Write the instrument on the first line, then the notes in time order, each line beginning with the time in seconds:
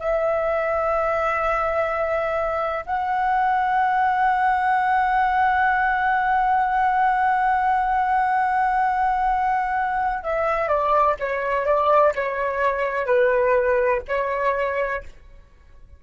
flute
0.00 E5
2.86 F#5
10.24 E5
10.68 D5
11.20 C#5
11.66 D5
12.16 C#5
13.06 B4
14.09 C#5